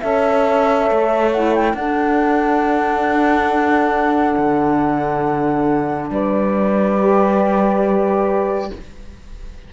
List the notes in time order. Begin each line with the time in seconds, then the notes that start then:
0.00 C#4 A4 C#5 E5
0.91 A3
1.32 E4 F#5
1.55 G5
1.74 D4 A4 F#5
4.37 D3
6.10 G3 B4 D5
6.99 G4